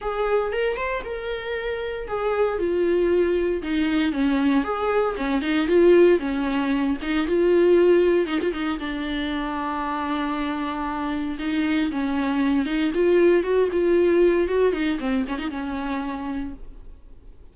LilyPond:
\new Staff \with { instrumentName = "viola" } { \time 4/4 \tempo 4 = 116 gis'4 ais'8 c''8 ais'2 | gis'4 f'2 dis'4 | cis'4 gis'4 cis'8 dis'8 f'4 | cis'4. dis'8 f'2 |
dis'16 f'16 dis'8 d'2.~ | d'2 dis'4 cis'4~ | cis'8 dis'8 f'4 fis'8 f'4. | fis'8 dis'8 c'8 cis'16 dis'16 cis'2 | }